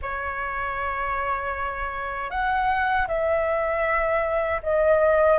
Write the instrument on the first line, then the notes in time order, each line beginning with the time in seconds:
flute
0.02 C#5
2.30 F#5
3.07 E5
4.62 D#5